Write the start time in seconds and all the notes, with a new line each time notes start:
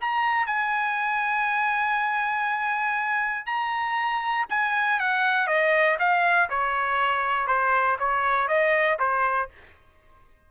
0.00 A#5
0.46 G#5
3.45 A#5
4.49 G#5
4.99 F#5
5.47 D#5
5.99 F5
6.49 C#5
7.47 C5
7.99 C#5
8.48 D#5
8.99 C5